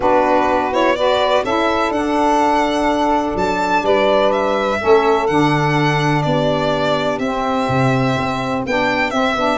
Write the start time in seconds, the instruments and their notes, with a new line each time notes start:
0.00 tuba B3, saxophone D4 F#4, violin B4
0.71 saxophone E4, violin C#5
0.95 saxophone F#4 B4, violin D5
1.43 tuba C#4, saxophone E4 A4, violin E5
1.89 tuba D4, saxophone D4, violin F#5
3.35 tuba F#3, violin A5
3.82 tuba G3, saxophone B4, violin D5
4.32 violin E5
4.79 tuba A3, saxophone C#4 A4
5.26 tuba D3, saxophone D4, violin F#5
6.22 tuba B3, saxophone G4, violin D5
7.18 tuba C4, saxophone C4, violin E5
7.68 tuba C3
8.16 tuba C4
8.66 tuba B3, saxophone D4, violin G5
9.10 saxophone C4, tuba C4, violin E5
9.35 tuba B3, saxophone D4